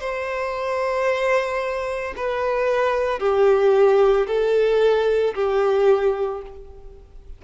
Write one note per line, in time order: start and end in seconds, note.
0.00 2.14 C5
2.17 3.20 B4
3.20 4.27 G4
4.28 5.35 A4
5.35 6.42 G4